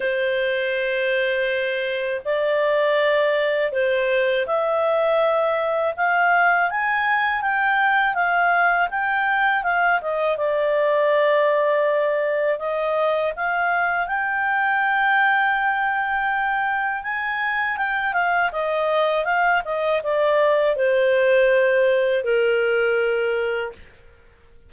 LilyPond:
\new Staff \with { instrumentName = "clarinet" } { \time 4/4 \tempo 4 = 81 c''2. d''4~ | d''4 c''4 e''2 | f''4 gis''4 g''4 f''4 | g''4 f''8 dis''8 d''2~ |
d''4 dis''4 f''4 g''4~ | g''2. gis''4 | g''8 f''8 dis''4 f''8 dis''8 d''4 | c''2 ais'2 | }